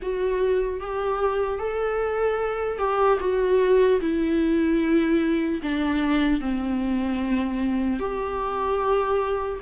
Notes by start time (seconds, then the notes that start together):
0.01 F#4
0.80 G4
1.59 A4
2.78 G4
3.20 F#4
4.00 E4
5.62 D4
6.40 C4
7.99 G4